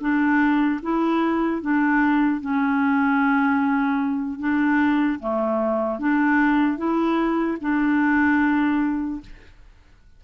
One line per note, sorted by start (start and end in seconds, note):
0.00 0.80 D4
0.82 1.61 E4
1.61 2.40 D4
2.40 4.39 C#4
4.39 5.19 D4
5.19 5.99 A3
5.99 6.77 D4
6.77 7.57 E4
7.60 9.20 D4